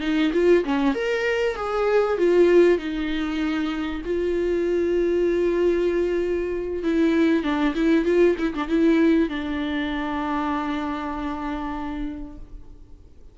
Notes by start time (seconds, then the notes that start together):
0.00 D#4
0.33 F4
0.64 C#4
0.94 A#4
1.56 G#4
2.18 F4
2.78 D#4
4.05 F4
6.83 E4
7.43 D4
7.75 E4
8.05 F4
8.38 E4
8.54 D4
8.68 E4
9.29 D4